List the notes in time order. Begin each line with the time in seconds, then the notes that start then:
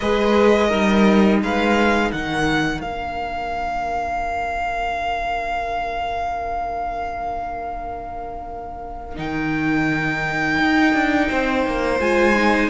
0.00 G#3 G#4 B4 D#5
0.67 G3 D#4 A#4
1.41 G#3 B4 F5
2.11 D#3 A#4 F#5
2.80 A#3 D4 F5
9.16 D#3 D#4 G5
10.58 D#4
10.93 D4
11.29 C4 C5
11.66 A#3
11.99 G#3 F4 G#5
12.35 D#4